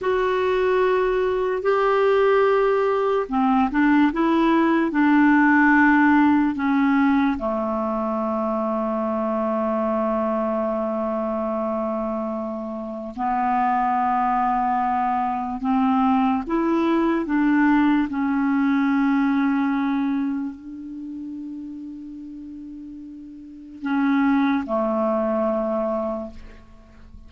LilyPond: \new Staff \with { instrumentName = "clarinet" } { \time 4/4 \tempo 4 = 73 fis'2 g'2 | c'8 d'8 e'4 d'2 | cis'4 a2.~ | a1 |
b2. c'4 | e'4 d'4 cis'2~ | cis'4 d'2.~ | d'4 cis'4 a2 | }